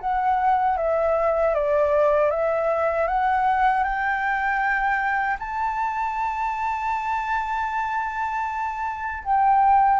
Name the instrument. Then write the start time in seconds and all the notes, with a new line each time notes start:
flute
0.00 F#5
0.77 E5
1.54 D5
2.30 E5
3.07 F#5
3.83 G5
5.39 A5
9.24 G5